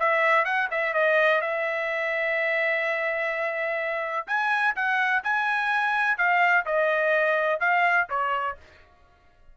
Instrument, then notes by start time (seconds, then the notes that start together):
trumpet
0.00 E5
0.45 F#5
0.71 E5
0.94 D#5
1.42 E5
4.28 G#5
4.76 F#5
5.24 G#5
6.18 F5
6.66 D#5
7.60 F5
8.10 C#5